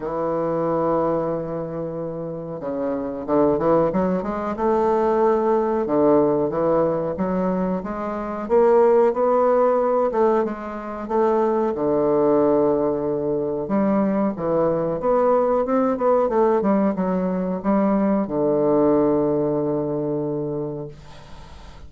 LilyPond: \new Staff \with { instrumentName = "bassoon" } { \time 4/4 \tempo 4 = 92 e1 | cis4 d8 e8 fis8 gis8 a4~ | a4 d4 e4 fis4 | gis4 ais4 b4. a8 |
gis4 a4 d2~ | d4 g4 e4 b4 | c'8 b8 a8 g8 fis4 g4 | d1 | }